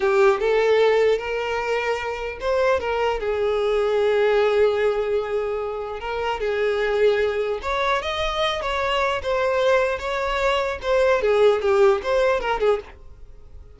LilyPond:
\new Staff \with { instrumentName = "violin" } { \time 4/4 \tempo 4 = 150 g'4 a'2 ais'4~ | ais'2 c''4 ais'4 | gis'1~ | gis'2. ais'4 |
gis'2. cis''4 | dis''4. cis''4. c''4~ | c''4 cis''2 c''4 | gis'4 g'4 c''4 ais'8 gis'8 | }